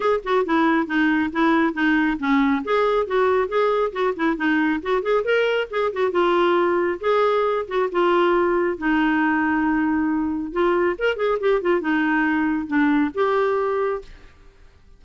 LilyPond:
\new Staff \with { instrumentName = "clarinet" } { \time 4/4 \tempo 4 = 137 gis'8 fis'8 e'4 dis'4 e'4 | dis'4 cis'4 gis'4 fis'4 | gis'4 fis'8 e'8 dis'4 fis'8 gis'8 | ais'4 gis'8 fis'8 f'2 |
gis'4. fis'8 f'2 | dis'1 | f'4 ais'8 gis'8 g'8 f'8 dis'4~ | dis'4 d'4 g'2 | }